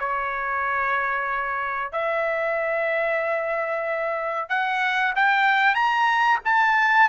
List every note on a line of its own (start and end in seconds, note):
0.00 1.92 C#5
1.92 4.50 E5
4.50 5.14 F#5
5.16 5.75 G5
5.75 6.40 A#5
6.45 7.09 A5